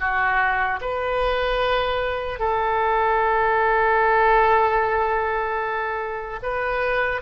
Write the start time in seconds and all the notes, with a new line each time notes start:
0.00 F#4
0.81 B4
2.40 A4
6.43 B4